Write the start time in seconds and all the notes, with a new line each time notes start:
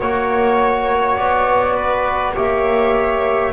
0.00 A#3 F#4 C#5
1.17 B3 D5
1.75 B4
2.35 A#3 G4 C#5 E5